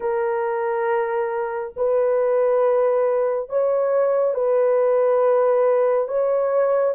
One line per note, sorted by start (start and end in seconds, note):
0.00 1.74 A#4
1.76 3.49 B4
3.49 4.34 C#5
4.34 6.08 B4
6.08 6.94 C#5